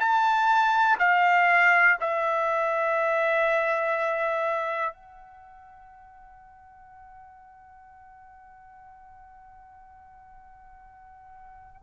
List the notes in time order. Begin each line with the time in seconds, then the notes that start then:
0.00 A5
0.99 F5
2.00 E5
4.93 F#5